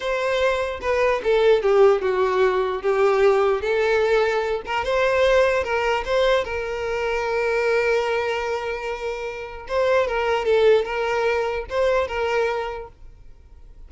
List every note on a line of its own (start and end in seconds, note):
0.00 0.79 C5
0.81 1.21 B4
1.23 1.62 A4
1.62 2.01 G4
2.01 2.82 F#4
2.82 3.61 G4
3.61 4.62 A4
4.65 4.84 A#4
4.84 5.63 C5
5.63 6.03 A#4
6.05 6.44 C5
6.44 9.66 A#4
9.68 10.07 C5
10.07 10.45 A#4
10.45 10.84 A4
10.84 11.65 A#4
11.69 12.07 C5
12.07 12.88 A#4